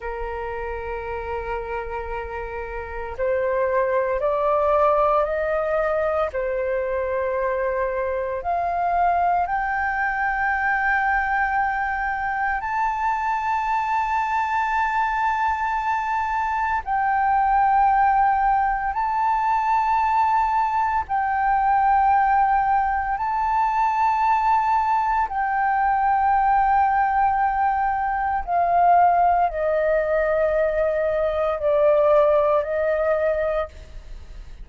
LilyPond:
\new Staff \with { instrumentName = "flute" } { \time 4/4 \tempo 4 = 57 ais'2. c''4 | d''4 dis''4 c''2 | f''4 g''2. | a''1 |
g''2 a''2 | g''2 a''2 | g''2. f''4 | dis''2 d''4 dis''4 | }